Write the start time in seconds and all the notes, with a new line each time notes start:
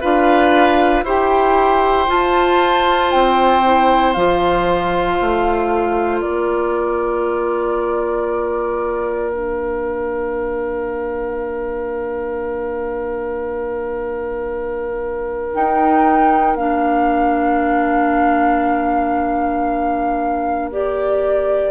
0.00 D4 F4 B4 F5
1.03 E4 G4 C5 G5
2.06 F4 A5
3.11 C4 G5
3.63 E4
4.12 F3 F4 F5
5.20 A3
6.20 A#3 A#4 D5
9.29 D4 F5
15.53 D#4 G5
16.55 A#3 D4 F5
20.71 G4 D5